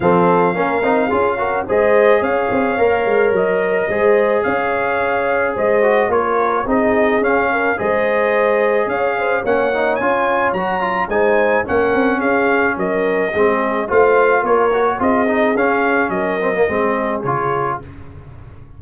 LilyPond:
<<
  \new Staff \with { instrumentName = "trumpet" } { \time 4/4 \tempo 4 = 108 f''2. dis''4 | f''2 dis''2 | f''2 dis''4 cis''4 | dis''4 f''4 dis''2 |
f''4 fis''4 gis''4 ais''4 | gis''4 fis''4 f''4 dis''4~ | dis''4 f''4 cis''4 dis''4 | f''4 dis''2 cis''4 | }
  \new Staff \with { instrumentName = "horn" } { \time 4/4 a'4 ais'4 gis'8 ais'8 c''4 | cis''2. c''4 | cis''2 c''4 ais'4 | gis'4. ais'8 c''2 |
cis''8 c''8 cis''2. | c''4 ais'4 gis'4 ais'4 | gis'4 c''4 ais'4 gis'4~ | gis'4 ais'4 gis'2 | }
  \new Staff \with { instrumentName = "trombone" } { \time 4/4 c'4 cis'8 dis'8 f'8 fis'8 gis'4~ | gis'4 ais'2 gis'4~ | gis'2~ gis'8 fis'8 f'4 | dis'4 cis'4 gis'2~ |
gis'4 cis'8 dis'8 f'4 fis'8 f'8 | dis'4 cis'2. | c'4 f'4. fis'8 f'8 dis'8 | cis'4. c'16 ais16 c'4 f'4 | }
  \new Staff \with { instrumentName = "tuba" } { \time 4/4 f4 ais8 c'8 cis'4 gis4 | cis'8 c'8 ais8 gis8 fis4 gis4 | cis'2 gis4 ais4 | c'4 cis'4 gis2 |
cis'4 ais4 cis'4 fis4 | gis4 ais8 c'8 cis'4 fis4 | gis4 a4 ais4 c'4 | cis'4 fis4 gis4 cis4 | }
>>